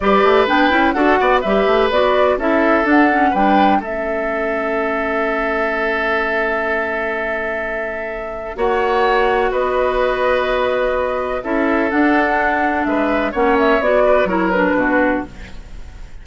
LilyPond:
<<
  \new Staff \with { instrumentName = "flute" } { \time 4/4 \tempo 4 = 126 d''4 g''4 fis''4 e''4 | d''4 e''4 fis''4 g''4 | e''1~ | e''1~ |
e''2 fis''2 | dis''1 | e''4 fis''2 e''4 | fis''8 e''8 d''4 cis''8 b'4. | }
  \new Staff \with { instrumentName = "oboe" } { \time 4/4 b'2 a'8 d''8 b'4~ | b'4 a'2 b'4 | a'1~ | a'1~ |
a'2 cis''2 | b'1 | a'2. b'4 | cis''4. b'8 ais'4 fis'4 | }
  \new Staff \with { instrumentName = "clarinet" } { \time 4/4 g'4 d'8 e'8 fis'4 g'4 | fis'4 e'4 d'8 cis'8 d'4 | cis'1~ | cis'1~ |
cis'2 fis'2~ | fis'1 | e'4 d'2. | cis'4 fis'4 e'8 d'4. | }
  \new Staff \with { instrumentName = "bassoon" } { \time 4/4 g8 a8 b8 cis'8 d'8 b8 g8 a8 | b4 cis'4 d'4 g4 | a1~ | a1~ |
a2 ais2 | b1 | cis'4 d'2 gis4 | ais4 b4 fis4 b,4 | }
>>